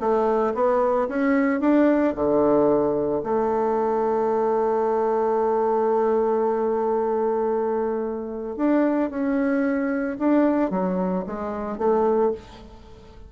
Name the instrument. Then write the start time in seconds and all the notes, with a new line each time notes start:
bassoon
0.00 A3
0.55 B3
1.08 C#4
1.60 D4
2.15 D3
3.23 A3
8.56 D4
9.10 C#4
10.19 D4
10.70 F#3
11.27 G#3
11.78 A3